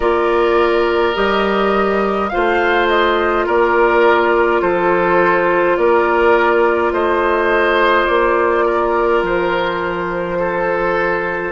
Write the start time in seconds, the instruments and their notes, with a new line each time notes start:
0.00 bassoon A#3, clarinet F4, oboe A#4, flute D5
1.14 bassoon G3, clarinet G4, flute D#5
2.29 clarinet F4, oboe C5, flute F5
2.35 bassoon A3
2.88 flute D#5
3.45 bassoon A#3, oboe A#4, flute D5
4.61 bassoon F3, oboe A4, flute C5
5.76 bassoon A#3, oboe A#4, flute D5
6.92 bassoon A3, oboe C5, flute D#5
8.07 bassoon A#3, flute D5
8.65 oboe A#4
9.22 bassoon F3, flute C5
10.39 oboe A4